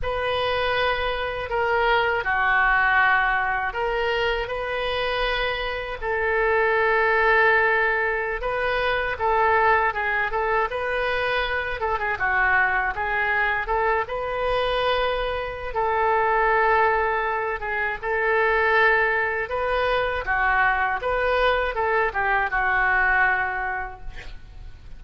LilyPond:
\new Staff \with { instrumentName = "oboe" } { \time 4/4 \tempo 4 = 80 b'2 ais'4 fis'4~ | fis'4 ais'4 b'2 | a'2.~ a'16 b'8.~ | b'16 a'4 gis'8 a'8 b'4. a'16 |
gis'16 fis'4 gis'4 a'8 b'4~ b'16~ | b'4 a'2~ a'8 gis'8 | a'2 b'4 fis'4 | b'4 a'8 g'8 fis'2 | }